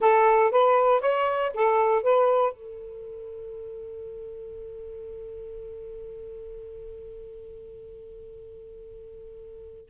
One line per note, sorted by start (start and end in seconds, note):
0.00 0.51 A4
0.51 1.01 B4
1.01 1.51 C#5
1.54 2.02 A4
2.02 2.52 B4
2.52 9.90 A4